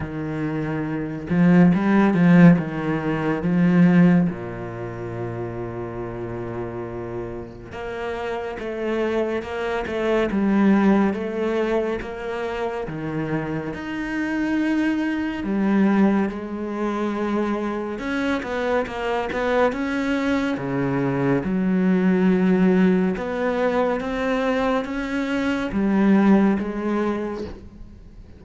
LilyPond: \new Staff \with { instrumentName = "cello" } { \time 4/4 \tempo 4 = 70 dis4. f8 g8 f8 dis4 | f4 ais,2.~ | ais,4 ais4 a4 ais8 a8 | g4 a4 ais4 dis4 |
dis'2 g4 gis4~ | gis4 cis'8 b8 ais8 b8 cis'4 | cis4 fis2 b4 | c'4 cis'4 g4 gis4 | }